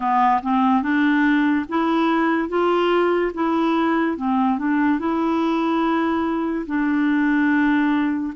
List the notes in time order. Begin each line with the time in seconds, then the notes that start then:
0.00 B3
0.42 C4
0.82 D4
1.69 E4
2.48 F4
3.34 E4
4.17 C4
4.58 D4
4.98 E4
6.66 D4